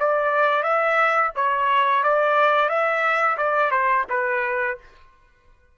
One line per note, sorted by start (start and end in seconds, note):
0.00 0.63 D5
0.63 1.31 E5
1.36 2.03 C#5
2.03 2.69 D5
2.69 3.37 E5
3.38 3.71 D5
3.71 4.05 C5
4.09 4.78 B4